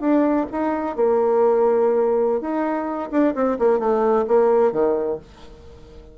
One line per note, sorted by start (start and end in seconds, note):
0.00 0.46 D4
0.51 0.96 D#4
0.96 2.40 A#3
2.40 3.09 D#4
3.11 3.34 D4
3.35 3.57 C4
3.59 3.79 A#3
3.79 4.25 A3
4.27 4.72 A#3
4.72 5.18 D#3